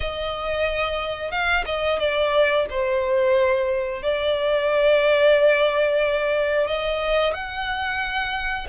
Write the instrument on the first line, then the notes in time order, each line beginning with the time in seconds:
violin
0.00 D#5
1.31 F5
1.65 D#5
1.99 D5
2.70 C5
4.02 D5
6.67 D#5
7.33 F#5